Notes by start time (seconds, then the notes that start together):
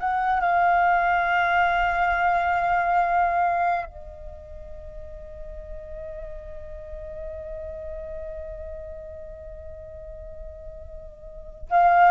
0.00 F#5
0.41 F5
3.86 D#5
11.70 F5